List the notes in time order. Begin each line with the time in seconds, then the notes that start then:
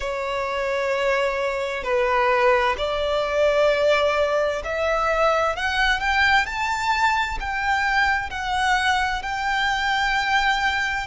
0.00 C#5
1.83 B4
2.77 D5
4.64 E5
5.56 F#5
6.00 G5
6.46 A5
7.39 G5
8.30 F#5
9.22 G5